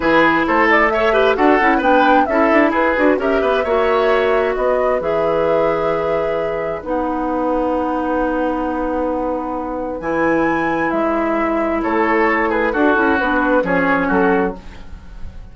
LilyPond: <<
  \new Staff \with { instrumentName = "flute" } { \time 4/4 \tempo 4 = 132 b'4 c''8 d''8 e''4 fis''4 | g''4 e''4 b'4 e''4~ | e''2 dis''4 e''4~ | e''2. fis''4~ |
fis''1~ | fis''2 gis''2 | e''2 cis''4. b'8 | a'4 b'4 cis''4 a'4 | }
  \new Staff \with { instrumentName = "oboe" } { \time 4/4 gis'4 a'4 cis''8 b'8 a'4 | b'4 a'4 gis'4 ais'8 b'8 | cis''2 b'2~ | b'1~ |
b'1~ | b'1~ | b'2 a'4. gis'8 | fis'2 gis'4 fis'4 | }
  \new Staff \with { instrumentName = "clarinet" } { \time 4/4 e'2 a'8 g'8 fis'8 e'8 | d'4 e'4. fis'8 g'4 | fis'2. gis'4~ | gis'2. dis'4~ |
dis'1~ | dis'2 e'2~ | e'1 | fis'8 e'8 d'4 cis'2 | }
  \new Staff \with { instrumentName = "bassoon" } { \time 4/4 e4 a2 d'8 cis'8 | b4 cis'8 d'8 e'8 d'8 cis'8 b8 | ais2 b4 e4~ | e2. b4~ |
b1~ | b2 e2 | gis2 a2 | d'8 cis'8 b4 f4 fis4 | }
>>